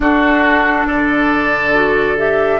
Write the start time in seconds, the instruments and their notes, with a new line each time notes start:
0.00 bassoon D4, clarinet D4, oboe F#4, flute A4
0.86 bassoon D3, oboe A4, flute D5
1.74 clarinet F#4
2.17 clarinet G4, flute E5